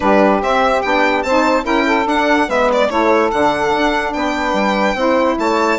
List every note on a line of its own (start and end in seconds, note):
0.00 0.41 G3
0.00 0.41 D4
0.00 1.25 G4
0.00 0.41 B4
0.41 0.82 C4
0.41 0.83 C4
0.41 0.82 E5
0.82 1.24 B3
0.82 1.25 D4
0.82 1.22 G5
1.22 1.64 C4
1.22 1.64 C5
1.22 1.64 A5
1.29 1.62 D#4
1.62 2.05 C#4
1.62 2.04 E4
1.62 1.84 A#4
1.62 2.07 G5
1.85 2.47 A4
2.06 2.47 D4
2.06 2.48 D4
2.06 2.49 F#5
2.47 2.89 G#3
2.47 2.90 B3
2.47 2.88 B4
2.47 2.70 E5
2.72 2.89 D5
2.89 3.31 A3
2.89 3.31 E4
2.89 4.13 A4
2.89 3.31 C#5
3.31 3.72 D3
3.31 4.96 D4
3.31 4.13 F#5
3.72 4.14 D4
4.13 4.53 B3
4.13 4.96 B4
4.13 5.37 G5
4.53 4.94 G3
4.94 5.35 C4
4.94 5.78 E4
4.94 5.37 C5
5.38 5.78 A3
5.38 5.78 C#5
5.38 5.78 A5